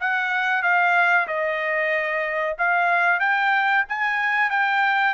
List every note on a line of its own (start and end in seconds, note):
0.00 0.62 F#5
0.62 1.27 F5
1.27 2.56 D#5
2.58 3.20 F5
3.20 3.84 G5
3.89 4.50 G#5
4.50 5.14 G5